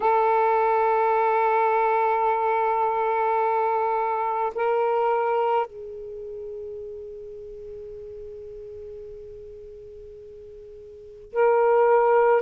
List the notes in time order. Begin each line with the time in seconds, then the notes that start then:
0.00 A4
4.54 A#4
5.66 G#4
11.33 A#4